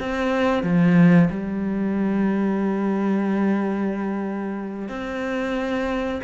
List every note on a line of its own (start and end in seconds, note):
0.00 0.63 C4
0.63 1.29 F3
1.30 4.89 G3
4.89 6.20 C4